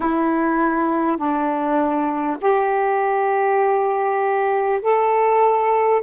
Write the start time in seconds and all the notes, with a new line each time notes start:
0.00 E4
1.17 D4
2.41 G4
4.82 A4